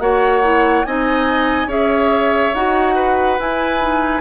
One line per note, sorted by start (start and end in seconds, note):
0.00 0.85 A#3
0.00 0.42 F#4
0.00 0.86 C#5
0.00 0.85 F#5
0.42 0.85 E4
0.85 1.67 C4
0.85 1.68 D#4
0.85 1.68 D#5
0.85 1.69 G#5
1.67 2.51 C#4
1.67 2.53 G#4
1.67 2.95 C#5
1.67 2.55 E5
2.54 3.39 D#4
2.54 3.39 F#4
2.54 3.39 F#5
2.95 4.21 B4
3.39 3.80 E4
3.39 4.21 E4
3.39 4.21 G#5
3.80 4.21 D#4